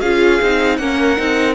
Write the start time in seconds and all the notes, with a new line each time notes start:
0.00 C#4 F4 G#4 F5
0.41 C4 D#4
0.76 A#3 C#4 A#4 F#5
1.17 C4 D#4